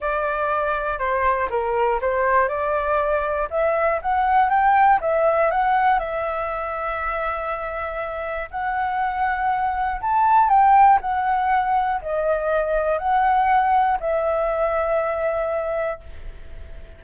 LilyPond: \new Staff \with { instrumentName = "flute" } { \time 4/4 \tempo 4 = 120 d''2 c''4 ais'4 | c''4 d''2 e''4 | fis''4 g''4 e''4 fis''4 | e''1~ |
e''4 fis''2. | a''4 g''4 fis''2 | dis''2 fis''2 | e''1 | }